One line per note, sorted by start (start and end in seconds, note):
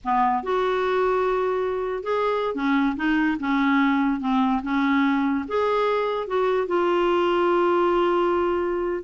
0.04 0.43 B3
0.43 2.03 F#4
2.03 2.54 G#4
2.54 2.96 C#4
2.96 3.37 D#4
3.39 4.20 C#4
4.20 4.61 C4
4.62 5.45 C#4
5.48 6.27 G#4
6.27 6.67 F#4
6.67 9.03 F4